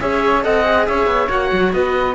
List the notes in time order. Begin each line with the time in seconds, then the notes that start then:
0.00 C#4 G#4 C#5 E5
0.43 C4 A4 D#5 F#5
0.65 G#4
0.87 C#4 C#5 E5
1.07 B3
1.29 A#3 F#4 F#5
1.53 F#3
1.73 B3 B4 D#5